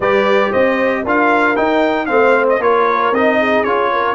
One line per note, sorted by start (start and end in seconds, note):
0.00 0.52 G3
0.00 1.06 G4
0.00 0.50 B4
0.00 0.52 D5
0.50 1.04 C4
0.50 1.02 C5
0.50 1.04 D#5
1.03 1.57 D4
1.03 1.56 F4
1.03 2.07 A#4
1.03 1.56 F5
1.56 2.07 D#4
1.56 2.10 D#4
1.56 2.06 G5
2.06 2.59 A3
2.06 2.59 C4
2.06 2.45 F5
2.12 2.62 C5
2.49 2.62 D#5
2.59 3.11 A#3
2.59 3.13 F4
2.59 3.39 A#4
2.59 3.14 C#5
3.11 3.63 C4
3.11 3.66 D#4
3.11 3.64 D#5
3.39 3.91 G#4
3.64 4.15 C#4
3.64 4.15 F4
3.64 4.15 C#5
3.92 4.15 A#4